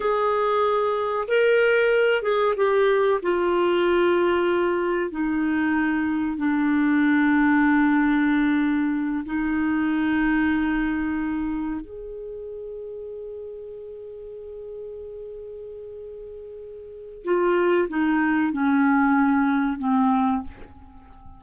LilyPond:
\new Staff \with { instrumentName = "clarinet" } { \time 4/4 \tempo 4 = 94 gis'2 ais'4. gis'8 | g'4 f'2. | dis'2 d'2~ | d'2~ d'8 dis'4.~ |
dis'2~ dis'8 gis'4.~ | gis'1~ | gis'2. f'4 | dis'4 cis'2 c'4 | }